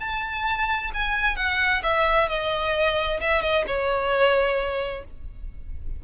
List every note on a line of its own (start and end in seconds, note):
0.00 0.92 A5
0.94 1.36 G#5
1.36 1.82 F#5
1.83 2.29 E5
2.29 3.20 D#5
3.21 3.42 E5
3.42 3.65 D#5
3.67 5.04 C#5